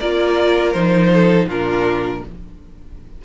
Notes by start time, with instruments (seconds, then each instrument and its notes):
0.00 cello A#3, viola F4, violin A#4 D5
0.73 cello F3, viola D#4, violin C5
1.14 violin A4
1.46 cello A#2, viola D4, violin F4 A#4